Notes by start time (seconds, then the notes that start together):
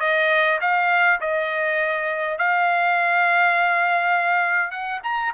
0.00 D#5
0.61 F5
1.20 D#5
2.38 F5
4.71 F#5
5.03 A#5